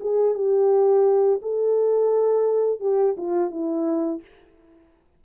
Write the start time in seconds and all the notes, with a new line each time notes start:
0.00 G#4
0.34 G4
1.41 A4
2.80 G4
3.17 F4
3.50 E4